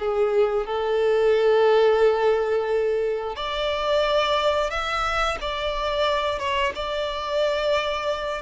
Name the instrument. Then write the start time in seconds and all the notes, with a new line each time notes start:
violin
0.00 G#4
0.66 A4
3.36 D5
4.71 E5
5.41 D5
6.40 C#5
6.75 D5